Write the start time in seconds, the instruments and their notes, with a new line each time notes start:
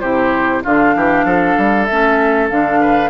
0.00 bassoon C3, clarinet E4, oboe G4, flute C5
0.63 bassoon D3, clarinet D4, oboe F4, flute F5
0.95 bassoon E3, oboe G4
1.24 bassoon F3, oboe A4
1.58 bassoon G3
1.85 bassoon A3, clarinet C#4, flute E5
2.49 bassoon D3, clarinet D4, flute F5
2.80 oboe B4